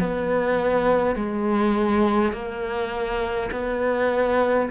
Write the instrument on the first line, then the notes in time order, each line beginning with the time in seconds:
cello
0.00 B3
1.16 G#3
2.33 A#3
3.51 B3